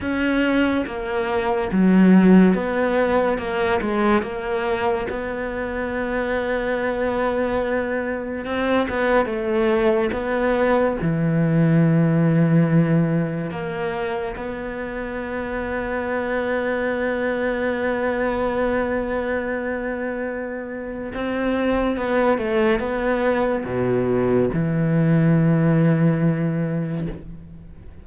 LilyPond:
\new Staff \with { instrumentName = "cello" } { \time 4/4 \tempo 4 = 71 cis'4 ais4 fis4 b4 | ais8 gis8 ais4 b2~ | b2 c'8 b8 a4 | b4 e2. |
ais4 b2.~ | b1~ | b4 c'4 b8 a8 b4 | b,4 e2. | }